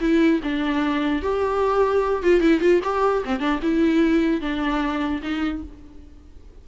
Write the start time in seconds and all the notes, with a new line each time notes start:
0.00 E4
0.43 D4
1.22 G4
2.23 F4
2.40 E4
2.60 F4
2.83 G4
3.25 C4
3.40 D4
3.62 E4
4.41 D4
5.22 D#4